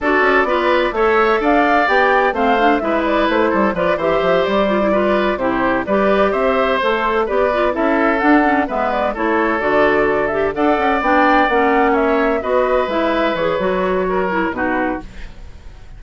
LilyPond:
<<
  \new Staff \with { instrumentName = "flute" } { \time 4/4 \tempo 4 = 128 d''2 e''4 f''4 | g''4 f''4 e''8 d''8 c''4 | d''8 e''4 d''2 c''8~ | c''8 d''4 e''4 c''4 d''8~ |
d''8 e''4 fis''4 e''8 d''8 cis''8~ | cis''8 d''4. e''8 fis''4 g''8~ | g''8 fis''4 e''4 dis''4 e''8~ | e''8 cis''2~ cis''8 b'4 | }
  \new Staff \with { instrumentName = "oboe" } { \time 4/4 a'4 b'4 cis''4 d''4~ | d''4 c''4 b'4. a'8 | b'8 c''2 b'4 g'8~ | g'8 b'4 c''2 b'8~ |
b'8 a'2 b'4 a'8~ | a'2~ a'8 d''4.~ | d''4. cis''4 b'4.~ | b'2 ais'4 fis'4 | }
  \new Staff \with { instrumentName = "clarinet" } { \time 4/4 fis'4 f'4 a'2 | g'4 c'8 d'8 e'2 | f'8 g'4. f'16 e'16 f'4 e'8~ | e'8 g'2 a'4 g'8 |
f'8 e'4 d'8 cis'8 b4 e'8~ | e'8 fis'4. g'8 a'4 d'8~ | d'8 cis'2 fis'4 e'8~ | e'8 gis'8 fis'4. e'8 dis'4 | }
  \new Staff \with { instrumentName = "bassoon" } { \time 4/4 d'8 cis'8 b4 a4 d'4 | b4 a4 gis4 a8 g8 | f8 e8 f8 g2 c8~ | c8 g4 c'4 a4 b8~ |
b8 cis'4 d'4 gis4 a8~ | a8 d2 d'8 cis'8 b8~ | b8 ais2 b4 gis8~ | gis8 e8 fis2 b,4 | }
>>